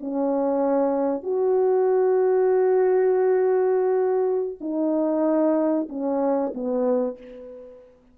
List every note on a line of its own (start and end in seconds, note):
0.00 1.23 C#4
1.23 4.58 F#4
4.60 5.88 D#4
5.89 6.53 C#4
6.54 7.18 B3